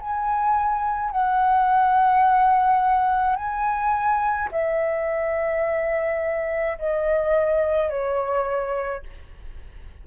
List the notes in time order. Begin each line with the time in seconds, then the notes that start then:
0.00 G#5
1.11 F#5
3.36 G#5
4.52 E5
6.79 D#5
7.89 C#5